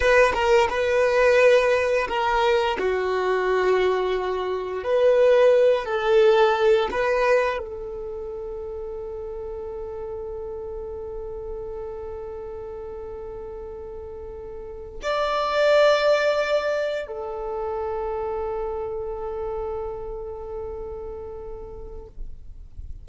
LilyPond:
\new Staff \with { instrumentName = "violin" } { \time 4/4 \tempo 4 = 87 b'8 ais'8 b'2 ais'4 | fis'2. b'4~ | b'8 a'4. b'4 a'4~ | a'1~ |
a'1~ | a'4.~ a'16 d''2~ d''16~ | d''8. a'2.~ a'16~ | a'1 | }